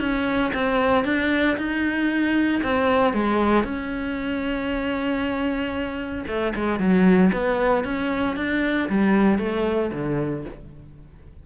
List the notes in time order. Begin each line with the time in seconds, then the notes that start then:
0.00 C#4
0.54 C4
1.05 D4
1.57 D#4
2.63 C4
3.14 G#3
3.64 C#4
6.27 A3
6.55 G#3
6.79 F#3
7.32 B3
7.84 C#4
8.36 D4
8.89 G3
9.39 A3
9.93 D3